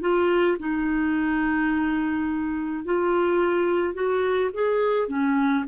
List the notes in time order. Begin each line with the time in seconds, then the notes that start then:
0.00 F4
0.58 D#4
2.84 F4
3.93 F#4
4.53 G#4
5.08 C#4